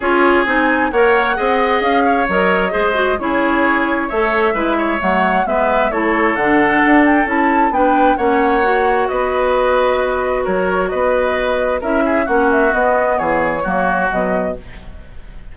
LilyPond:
<<
  \new Staff \with { instrumentName = "flute" } { \time 4/4 \tempo 4 = 132 cis''4 gis''4 fis''2 | f''4 dis''2 cis''4~ | cis''4 e''2 fis''4 | e''4 cis''4 fis''4. g''8 |
a''4 g''4 fis''2 | dis''2. cis''4 | dis''2 e''4 fis''8 e''8 | dis''4 cis''2 dis''4 | }
  \new Staff \with { instrumentName = "oboe" } { \time 4/4 gis'2 cis''4 dis''4~ | dis''8 cis''4. c''4 gis'4~ | gis'4 cis''4 b'8 cis''4. | b'4 a'2.~ |
a'4 b'4 cis''2 | b'2. ais'4 | b'2 ais'8 gis'8 fis'4~ | fis'4 gis'4 fis'2 | }
  \new Staff \with { instrumentName = "clarinet" } { \time 4/4 f'4 dis'4 ais'4 gis'4~ | gis'4 ais'4 gis'8 fis'8 e'4~ | e'4 a'4 e'4 a4 | b4 e'4 d'2 |
e'4 d'4 cis'4 fis'4~ | fis'1~ | fis'2 e'4 cis'4 | b2 ais4 fis4 | }
  \new Staff \with { instrumentName = "bassoon" } { \time 4/4 cis'4 c'4 ais4 c'4 | cis'4 fis4 gis4 cis'4~ | cis'4 a4 gis4 fis4 | gis4 a4 d4 d'4 |
cis'4 b4 ais2 | b2. fis4 | b2 cis'4 ais4 | b4 e4 fis4 b,4 | }
>>